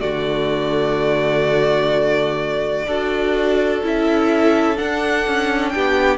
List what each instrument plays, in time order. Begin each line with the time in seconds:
0.00 cello D3, viola A3, violin F#4 D5
2.87 cello D4, viola F#4, violin A4
3.83 cello C#4, viola E4, violin E5
4.76 viola D4, cello D4, violin F#5
5.27 cello C#4
5.69 violin G4 G5
5.75 cello B3